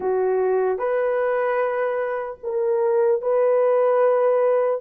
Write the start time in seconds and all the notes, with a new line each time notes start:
0.00 F#4
0.78 B4
2.43 A#4
3.21 B4